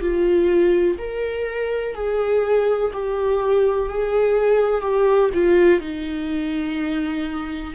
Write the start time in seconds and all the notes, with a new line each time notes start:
0.00 F4
0.98 A#4
1.94 G#4
2.93 G4
3.89 G#4
4.81 G4
5.34 F4
5.80 D#4